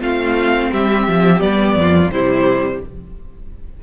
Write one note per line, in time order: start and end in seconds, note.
0.00 0.70 A3
0.00 1.39 C4
0.00 0.70 F4
0.00 0.72 F5
0.71 1.08 G3
0.71 1.76 G4
0.71 1.40 E5
1.08 1.41 F3
1.39 1.75 G3
1.39 2.09 B3
1.39 2.09 D5
1.75 2.10 F2
1.75 2.12 F4
2.10 2.80 C3
2.10 2.82 G3
2.10 2.82 E4
2.10 2.80 C5